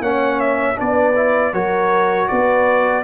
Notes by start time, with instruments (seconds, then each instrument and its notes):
0.00 tuba A#3, trombone C#4, horn C#5, trumpet F#5
0.40 trumpet E5
0.75 tuba B3, trombone D4, horn B4, trumpet D5
1.16 trombone E4
1.53 tuba F#3, trombone F#4, horn A#4, trumpet C#5
2.28 tuba B3, horn B4, trumpet D5